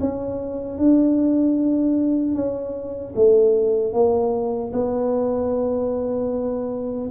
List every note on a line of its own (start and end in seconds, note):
0.00 0.78 C#4
0.78 2.35 D4
2.35 3.14 C#4
3.15 3.93 A3
3.93 4.72 A#3
4.73 7.10 B3